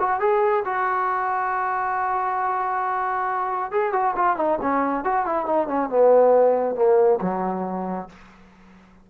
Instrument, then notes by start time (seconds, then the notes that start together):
trombone
0.00 F#4
0.20 G#4
0.65 F#4
3.72 G#4
3.93 F#4
4.16 F4
4.37 D#4
4.62 C#4
5.05 F#4
5.26 E4
5.46 D#4
5.68 C#4
5.90 B3
6.76 A#3
7.22 F#3